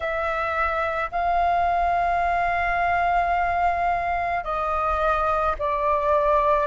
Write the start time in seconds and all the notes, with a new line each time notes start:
0.00 E5
1.11 F5
4.43 D#5
5.58 D5